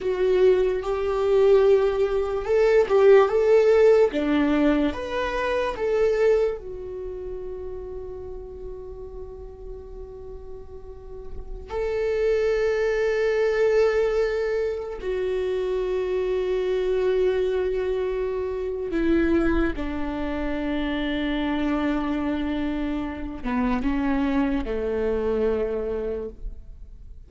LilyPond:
\new Staff \with { instrumentName = "viola" } { \time 4/4 \tempo 4 = 73 fis'4 g'2 a'8 g'8 | a'4 d'4 b'4 a'4 | fis'1~ | fis'2~ fis'16 a'4.~ a'16~ |
a'2~ a'16 fis'4.~ fis'16~ | fis'2. e'4 | d'1~ | d'8 b8 cis'4 a2 | }